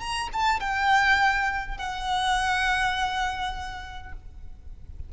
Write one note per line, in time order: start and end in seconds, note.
0.00 0.29 A#5
0.33 0.60 A5
0.60 1.78 G5
1.78 4.13 F#5